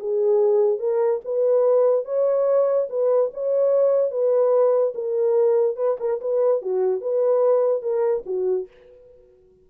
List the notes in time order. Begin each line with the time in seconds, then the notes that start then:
0.00 G#4
0.79 A#4
1.25 B4
2.05 C#5
2.89 B4
3.34 C#5
4.11 B4
4.95 A#4
5.76 B4
6.00 A#4
6.21 B4
6.62 F#4
7.01 B4
7.82 A#4
8.26 F#4